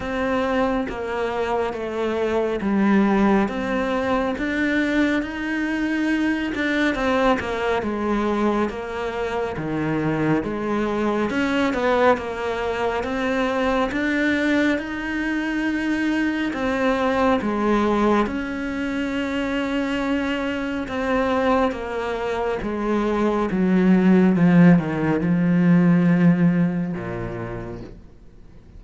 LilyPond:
\new Staff \with { instrumentName = "cello" } { \time 4/4 \tempo 4 = 69 c'4 ais4 a4 g4 | c'4 d'4 dis'4. d'8 | c'8 ais8 gis4 ais4 dis4 | gis4 cis'8 b8 ais4 c'4 |
d'4 dis'2 c'4 | gis4 cis'2. | c'4 ais4 gis4 fis4 | f8 dis8 f2 ais,4 | }